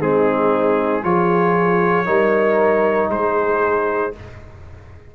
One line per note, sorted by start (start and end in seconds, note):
0.00 1.04 G#3
0.00 1.03 C4
0.00 1.03 D#4
0.00 1.04 G#4
1.03 2.08 F3
1.03 2.06 F4
1.03 2.06 G#4
1.03 3.11 C#5
2.06 3.09 G3
2.06 4.13 D#4
2.06 3.10 A#4
3.09 4.13 G#3
3.09 4.16 G#4
3.09 4.14 C5